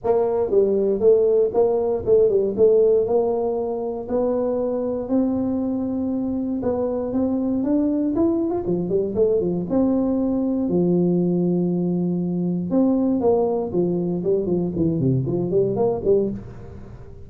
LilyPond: \new Staff \with { instrumentName = "tuba" } { \time 4/4 \tempo 4 = 118 ais4 g4 a4 ais4 | a8 g8 a4 ais2 | b2 c'2~ | c'4 b4 c'4 d'4 |
e'8. f'16 f8 g8 a8 f8 c'4~ | c'4 f2.~ | f4 c'4 ais4 f4 | g8 f8 e8 c8 f8 g8 ais8 g8 | }